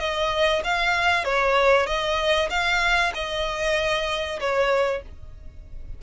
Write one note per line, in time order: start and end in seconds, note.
0.00 0.62 D#5
0.64 1.25 F5
1.25 1.86 C#5
1.86 2.49 D#5
2.50 3.13 F5
3.15 4.40 D#5
4.40 5.03 C#5